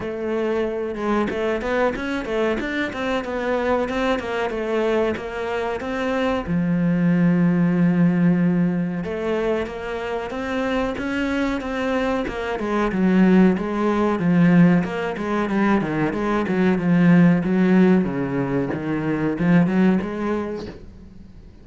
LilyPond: \new Staff \with { instrumentName = "cello" } { \time 4/4 \tempo 4 = 93 a4. gis8 a8 b8 cis'8 a8 | d'8 c'8 b4 c'8 ais8 a4 | ais4 c'4 f2~ | f2 a4 ais4 |
c'4 cis'4 c'4 ais8 gis8 | fis4 gis4 f4 ais8 gis8 | g8 dis8 gis8 fis8 f4 fis4 | cis4 dis4 f8 fis8 gis4 | }